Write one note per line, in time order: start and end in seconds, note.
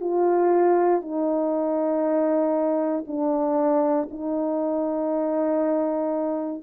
0.00 1.01 F4
1.01 3.04 D#4
3.07 4.09 D4
4.10 6.62 D#4